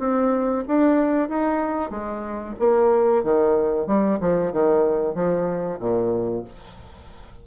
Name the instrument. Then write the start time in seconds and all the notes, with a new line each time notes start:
bassoon
0.00 C4
0.68 D4
1.29 D#4
1.91 G#3
2.60 A#3
3.24 D#3
3.87 G3
4.21 F3
4.53 D#3
5.15 F3
5.80 A#2